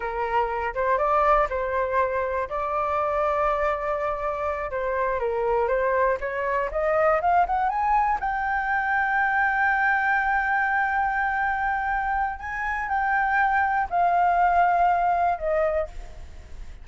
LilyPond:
\new Staff \with { instrumentName = "flute" } { \time 4/4 \tempo 4 = 121 ais'4. c''8 d''4 c''4~ | c''4 d''2.~ | d''4. c''4 ais'4 c''8~ | c''8 cis''4 dis''4 f''8 fis''8 gis''8~ |
gis''8 g''2.~ g''8~ | g''1~ | g''4 gis''4 g''2 | f''2. dis''4 | }